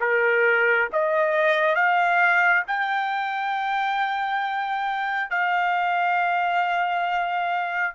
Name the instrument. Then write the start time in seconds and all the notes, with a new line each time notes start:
trumpet
0.00 A#4
0.92 D#5
1.75 F5
2.68 G5
5.30 F5